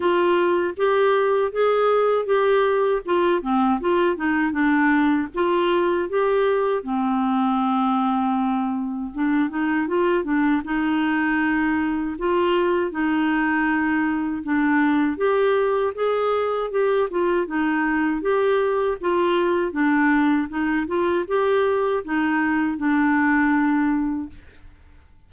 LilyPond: \new Staff \with { instrumentName = "clarinet" } { \time 4/4 \tempo 4 = 79 f'4 g'4 gis'4 g'4 | f'8 c'8 f'8 dis'8 d'4 f'4 | g'4 c'2. | d'8 dis'8 f'8 d'8 dis'2 |
f'4 dis'2 d'4 | g'4 gis'4 g'8 f'8 dis'4 | g'4 f'4 d'4 dis'8 f'8 | g'4 dis'4 d'2 | }